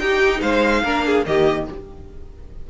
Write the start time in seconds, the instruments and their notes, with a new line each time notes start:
0.00 cello D#4, viola D#4, violin G4 G5
0.41 cello G#3, violin C5 F5
0.84 cello A#3, viola D4, violin A#4
1.06 violin G#4
1.26 cello D#3, viola A#3, violin G4 D#5